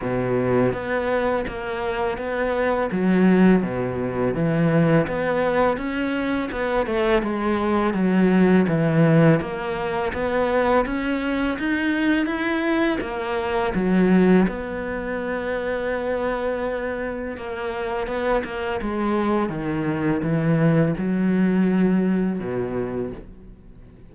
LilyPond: \new Staff \with { instrumentName = "cello" } { \time 4/4 \tempo 4 = 83 b,4 b4 ais4 b4 | fis4 b,4 e4 b4 | cis'4 b8 a8 gis4 fis4 | e4 ais4 b4 cis'4 |
dis'4 e'4 ais4 fis4 | b1 | ais4 b8 ais8 gis4 dis4 | e4 fis2 b,4 | }